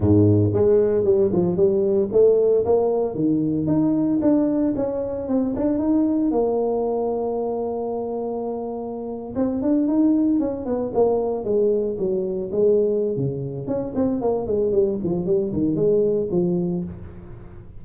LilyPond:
\new Staff \with { instrumentName = "tuba" } { \time 4/4 \tempo 4 = 114 gis,4 gis4 g8 f8 g4 | a4 ais4 dis4 dis'4 | d'4 cis'4 c'8 d'8 dis'4 | ais1~ |
ais4.~ ais16 c'8 d'8 dis'4 cis'16~ | cis'16 b8 ais4 gis4 fis4 gis16~ | gis4 cis4 cis'8 c'8 ais8 gis8 | g8 f8 g8 dis8 gis4 f4 | }